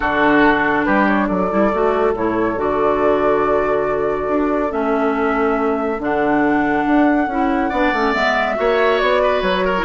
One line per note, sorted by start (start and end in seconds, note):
0.00 0.86 D3
0.00 1.49 D4
0.00 0.85 F#4
0.00 0.84 A4
0.84 1.29 G3
0.84 1.27 G4
0.84 1.05 B4
1.06 1.27 C#5
1.27 1.51 F#3
1.27 7.69 A4
1.27 2.13 D5
1.49 1.73 G3
1.49 1.71 E4
1.72 2.14 A3
1.72 2.15 F#4
2.14 2.56 A2
2.14 2.56 E4
2.14 2.59 C#5
2.56 4.28 D3
2.56 4.69 F#4
2.56 4.72 D5
4.28 4.71 D4
4.69 5.99 A3
4.69 5.97 C#4
4.69 6.00 E5
5.99 6.85 D3
5.99 7.28 D4
5.99 8.13 F#5
6.86 7.27 D4
7.27 7.70 C#4
7.27 7.72 E4
7.69 7.92 B3
7.69 7.93 D4
7.69 8.55 D5
7.92 8.13 A3
7.92 8.13 C#4
8.13 8.57 G#3
8.13 8.55 B3
8.13 8.98 E5
8.55 9.01 A#3
8.55 9.73 F#4
8.55 9.22 C#5
8.98 9.42 B3
8.98 9.41 D5
9.22 9.65 B4
9.41 9.84 F#3
9.41 9.84 C#5
9.65 9.84 A#4
9.78 9.84 E4